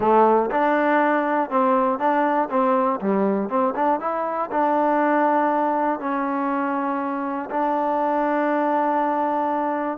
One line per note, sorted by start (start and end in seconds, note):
0.00 0.50 A3
0.50 1.50 D4
1.50 1.99 C4
1.99 2.49 D4
2.50 3.00 C4
3.00 3.49 G3
3.49 3.74 C4
3.75 4.00 D4
4.00 4.50 E4
4.51 5.99 D4
5.99 7.49 C#4
7.50 9.97 D4